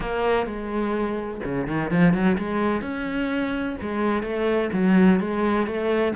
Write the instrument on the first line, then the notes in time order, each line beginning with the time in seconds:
cello
0.00 A#3
0.46 G#3
1.44 C#3
1.67 D#3
1.90 F3
2.13 F#3
2.38 G#3
2.81 C#4
3.81 G#3
4.23 A3
4.72 F#3
5.20 G#3
5.66 A3